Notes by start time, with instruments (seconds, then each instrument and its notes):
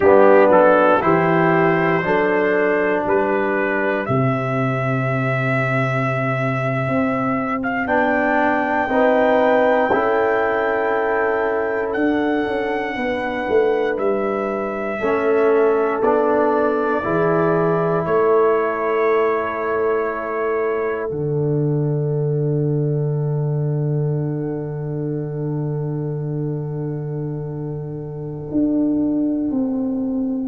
0.00 tuba G3, trombone B3, horn D4, trumpet G4
0.48 tuba F#3, trumpet A4
1.00 tuba E3, trombone E4, horn G4, trumpet C5
2.02 tuba F#3, trombone D4, horn A4
3.05 tuba G3, horn G4, trumpet B4
4.05 tuba C3, trombone C4, trumpet E5
6.87 tuba C4
7.62 trumpet F5
7.86 tuba B3, trombone D4, trumpet G5
8.88 tuba C4, trombone D#4, horn B4
9.92 tuba C#4, trombone E4, horn A4
11.93 tuba D4, trombone D4, trumpet F#5
12.46 tuba C#4
12.96 tuba B3, horn B4
13.48 tuba A3
13.97 tuba G3, trumpet E5
14.99 tuba A3, trombone C#4, horn A4
16.01 tuba B3, trombone D4, trumpet D5
17.03 tuba E3, trombone E4, horn G#4
18.05 tuba A3, horn A4, trumpet C#5
21.10 tuba D3, trombone D4, trumpet F#5
28.51 tuba D4
29.50 tuba C4